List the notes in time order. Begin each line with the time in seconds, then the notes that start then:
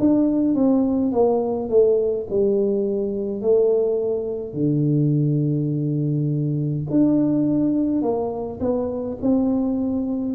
0.00 D4
0.55 C4
1.12 A#3
1.69 A3
2.30 G3
3.42 A3
4.54 D3
6.91 D4
8.02 A#3
8.61 B3
9.23 C4